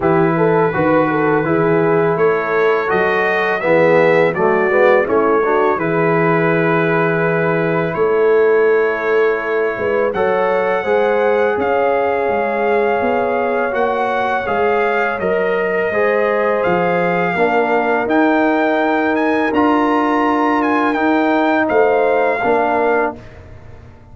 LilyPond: <<
  \new Staff \with { instrumentName = "trumpet" } { \time 4/4 \tempo 4 = 83 b'2. cis''4 | dis''4 e''4 d''4 cis''4 | b'2. cis''4~ | cis''2 fis''2 |
f''2. fis''4 | f''4 dis''2 f''4~ | f''4 g''4. gis''8 ais''4~ | ais''8 gis''8 g''4 f''2 | }
  \new Staff \with { instrumentName = "horn" } { \time 4/4 g'8 a'8 b'8 a'8 gis'4 a'4~ | a'4 gis'4 fis'4 e'8 fis'8 | gis'2. a'4~ | a'4. b'8 cis''4 c''4 |
cis''1~ | cis''2 c''2 | ais'1~ | ais'2 c''4 ais'4 | }
  \new Staff \with { instrumentName = "trombone" } { \time 4/4 e'4 fis'4 e'2 | fis'4 b4 a8 b8 cis'8 d'8 | e'1~ | e'2 a'4 gis'4~ |
gis'2. fis'4 | gis'4 ais'4 gis'2 | d'4 dis'2 f'4~ | f'4 dis'2 d'4 | }
  \new Staff \with { instrumentName = "tuba" } { \time 4/4 e4 dis4 e4 a4 | fis4 e4 fis8 gis8 a4 | e2. a4~ | a4. gis8 fis4 gis4 |
cis'4 gis4 b4 ais4 | gis4 fis4 gis4 f4 | ais4 dis'2 d'4~ | d'4 dis'4 a4 ais4 | }
>>